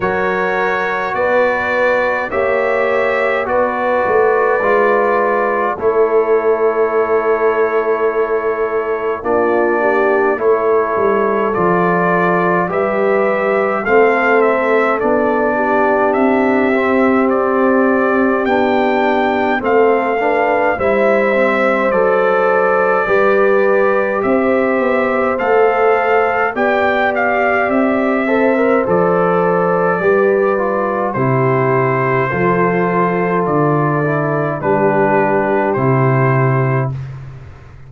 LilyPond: <<
  \new Staff \with { instrumentName = "trumpet" } { \time 4/4 \tempo 4 = 52 cis''4 d''4 e''4 d''4~ | d''4 cis''2. | d''4 cis''4 d''4 e''4 | f''8 e''8 d''4 e''4 d''4 |
g''4 f''4 e''4 d''4~ | d''4 e''4 f''4 g''8 f''8 | e''4 d''2 c''4~ | c''4 d''4 b'4 c''4 | }
  \new Staff \with { instrumentName = "horn" } { \time 4/4 ais'4 b'4 cis''4 b'4~ | b'4 a'2. | f'8 g'8 a'2 b'4 | a'4. g'2~ g'8~ |
g'4 a'8 b'8 c''2 | b'4 c''2 d''4~ | d''8 c''4. b'4 g'4 | a'2 g'2 | }
  \new Staff \with { instrumentName = "trombone" } { \time 4/4 fis'2 g'4 fis'4 | f'4 e'2. | d'4 e'4 f'4 g'4 | c'4 d'4. c'4. |
d'4 c'8 d'8 e'8 c'8 a'4 | g'2 a'4 g'4~ | g'8 a'16 ais'16 a'4 g'8 f'8 e'4 | f'4. e'8 d'4 e'4 | }
  \new Staff \with { instrumentName = "tuba" } { \time 4/4 fis4 b4 ais4 b8 a8 | gis4 a2. | ais4 a8 g8 f4 g4 | a4 b4 c'2 |
b4 a4 g4 fis4 | g4 c'8 b8 a4 b4 | c'4 f4 g4 c4 | f4 d4 g4 c4 | }
>>